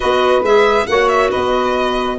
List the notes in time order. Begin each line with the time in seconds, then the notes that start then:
0.00 B3 F#4 B4 D#5
0.42 G#3 G#4 E5
0.86 A#3 F#4 C#5 F#5
1.08 E5
1.30 B3 B4 D#5